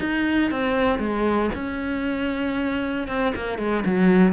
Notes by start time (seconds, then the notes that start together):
0.00 D#4
0.51 C4
0.99 G#3
1.55 C#4
3.08 C4
3.35 A#3
3.58 G#3
3.86 F#3